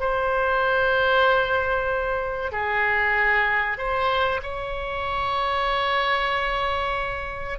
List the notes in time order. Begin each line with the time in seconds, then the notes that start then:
0.00 C5
2.52 G#4
3.78 C5
4.43 C#5